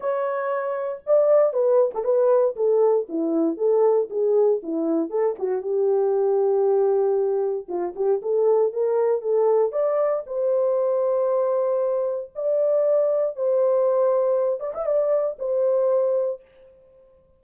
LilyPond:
\new Staff \with { instrumentName = "horn" } { \time 4/4 \tempo 4 = 117 cis''2 d''4 b'8. a'16 | b'4 a'4 e'4 a'4 | gis'4 e'4 a'8 fis'8 g'4~ | g'2. f'8 g'8 |
a'4 ais'4 a'4 d''4 | c''1 | d''2 c''2~ | c''8 d''16 e''16 d''4 c''2 | }